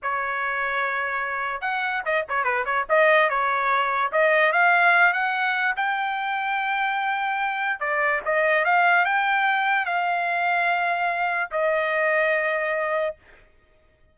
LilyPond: \new Staff \with { instrumentName = "trumpet" } { \time 4/4 \tempo 4 = 146 cis''1 | fis''4 dis''8 cis''8 b'8 cis''8 dis''4 | cis''2 dis''4 f''4~ | f''8 fis''4. g''2~ |
g''2. d''4 | dis''4 f''4 g''2 | f''1 | dis''1 | }